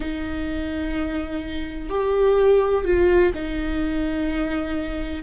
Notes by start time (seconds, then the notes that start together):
0.00 D#4
1.89 G4
2.84 F4
3.34 D#4